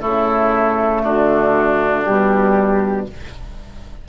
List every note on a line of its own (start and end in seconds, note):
0.00 1.03 C#3
0.00 2.03 A3
0.00 1.02 E4
0.00 1.03 A4
1.03 2.05 D3
1.03 3.07 D4
1.03 2.05 F#4
2.05 3.08 B2
2.05 3.07 G3
2.05 3.07 G4